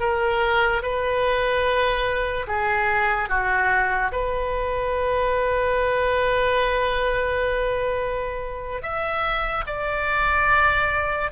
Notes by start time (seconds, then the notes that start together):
0.00 A#4
0.83 B4
2.48 G#4
3.30 F#4
4.12 B4
8.83 E5
9.67 D5